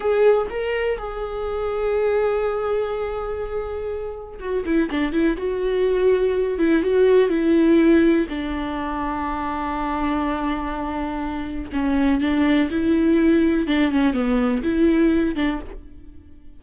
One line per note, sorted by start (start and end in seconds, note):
0.00 0.47 G#4
0.50 0.98 A#4
0.98 4.39 G#4
4.39 4.64 F#4
4.65 4.89 E4
4.90 5.12 D4
5.12 5.36 E4
5.37 6.58 F#4
6.58 6.82 E4
6.82 7.29 F#4
7.29 8.26 E4
8.29 11.70 D4
11.72 12.20 C#4
12.20 12.69 D4
12.70 13.67 E4
13.67 13.91 D4
13.91 14.13 C#4
14.13 14.62 B3
14.63 15.35 E4
15.35 15.60 D4